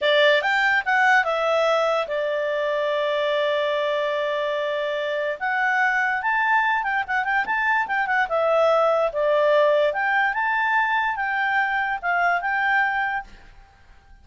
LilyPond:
\new Staff \with { instrumentName = "clarinet" } { \time 4/4 \tempo 4 = 145 d''4 g''4 fis''4 e''4~ | e''4 d''2.~ | d''1~ | d''4 fis''2 a''4~ |
a''8 g''8 fis''8 g''8 a''4 g''8 fis''8 | e''2 d''2 | g''4 a''2 g''4~ | g''4 f''4 g''2 | }